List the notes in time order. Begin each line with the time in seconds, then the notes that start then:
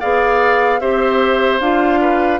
0.00 B3 G#4 D5 F5
0.80 C4 G4 C5 E5
1.60 D4 F4 F5
2.01 B4